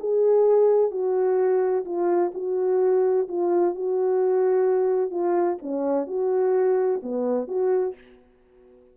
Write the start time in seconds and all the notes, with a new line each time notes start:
0.00 G#4
0.91 F#4
1.85 F4
2.34 F#4
3.28 F4
3.75 F#4
5.11 F4
5.62 C#4
6.07 F#4
7.03 B3
7.48 F#4